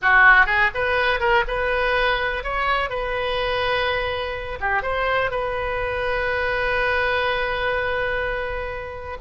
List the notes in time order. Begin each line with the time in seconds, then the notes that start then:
0.02 F#4
0.46 G#4
0.74 B4
1.19 A#4
1.47 B4
2.43 C#5
2.89 B4
4.60 G4
4.82 C5
5.30 B4